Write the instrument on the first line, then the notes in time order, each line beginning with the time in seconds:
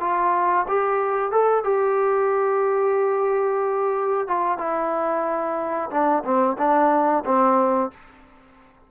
trombone
0.00 F4
0.68 G4
1.32 A4
1.64 G4
4.28 F4
4.58 E4
5.90 D4
6.24 C4
6.58 D4
7.25 C4